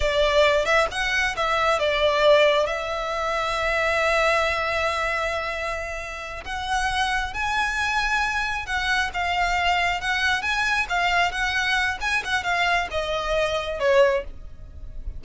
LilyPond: \new Staff \with { instrumentName = "violin" } { \time 4/4 \tempo 4 = 135 d''4. e''8 fis''4 e''4 | d''2 e''2~ | e''1~ | e''2~ e''8 fis''4.~ |
fis''8 gis''2. fis''8~ | fis''8 f''2 fis''4 gis''8~ | gis''8 f''4 fis''4. gis''8 fis''8 | f''4 dis''2 cis''4 | }